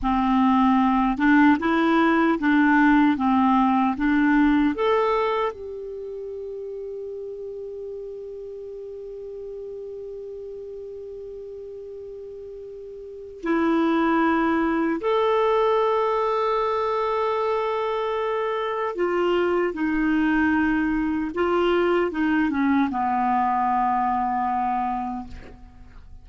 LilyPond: \new Staff \with { instrumentName = "clarinet" } { \time 4/4 \tempo 4 = 76 c'4. d'8 e'4 d'4 | c'4 d'4 a'4 g'4~ | g'1~ | g'1~ |
g'4 e'2 a'4~ | a'1 | f'4 dis'2 f'4 | dis'8 cis'8 b2. | }